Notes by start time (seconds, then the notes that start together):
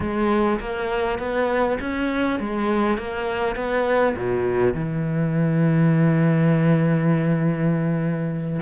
0.00 G#3
0.60 A#3
1.19 B3
1.80 C#4
2.39 G#3
2.97 A#3
3.55 B3
4.15 B2
4.74 E3